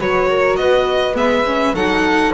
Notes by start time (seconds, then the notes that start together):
0.00 F#3 F#4 B4 C#5
0.30 A#4
0.57 B3 B4 D#5
1.14 G#3 B3 E5
1.46 C#4
1.74 F#3 D#4 A4 F#5